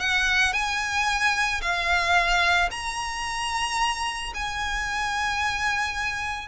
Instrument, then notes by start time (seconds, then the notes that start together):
violin
0.00 F#5
0.53 G#5
1.61 F5
2.71 A#5
4.34 G#5